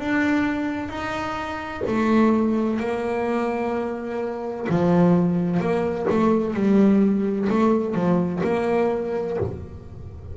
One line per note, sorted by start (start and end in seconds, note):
0.00 0.89 D4
0.89 1.83 D#4
1.87 2.80 A3
2.80 4.67 A#3
4.69 5.60 F3
5.60 6.07 A#3
6.10 6.55 A3
6.55 7.48 G3
7.49 7.95 A3
7.95 8.42 F3
8.44 9.37 A#3